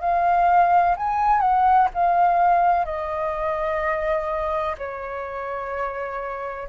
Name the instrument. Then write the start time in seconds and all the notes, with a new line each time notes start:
flute
0.00 F5
0.97 G#5
1.40 F#5
1.94 F5
2.85 D#5
4.77 C#5